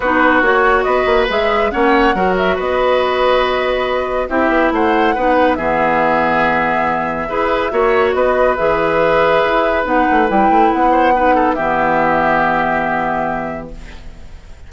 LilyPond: <<
  \new Staff \with { instrumentName = "flute" } { \time 4/4 \tempo 4 = 140 b'4 cis''4 dis''4 e''4 | fis''4. e''8 dis''2~ | dis''2 e''4 fis''4~ | fis''4 e''2.~ |
e''2. dis''4 | e''2. fis''4 | g''4 fis''2 e''4~ | e''1 | }
  \new Staff \with { instrumentName = "oboe" } { \time 4/4 fis'2 b'2 | cis''4 ais'4 b'2~ | b'2 g'4 c''4 | b'4 gis'2.~ |
gis'4 b'4 cis''4 b'4~ | b'1~ | b'4. c''8 b'8 a'8 g'4~ | g'1 | }
  \new Staff \with { instrumentName = "clarinet" } { \time 4/4 dis'4 fis'2 gis'4 | cis'4 fis'2.~ | fis'2 e'2 | dis'4 b2.~ |
b4 gis'4 fis'2 | gis'2. dis'4 | e'2 dis'4 b4~ | b1 | }
  \new Staff \with { instrumentName = "bassoon" } { \time 4/4 b4 ais4 b8 ais8 gis4 | ais4 fis4 b2~ | b2 c'8 b8 a4 | b4 e2.~ |
e4 e'4 ais4 b4 | e2 e'4 b8 a8 | g8 a8 b2 e4~ | e1 | }
>>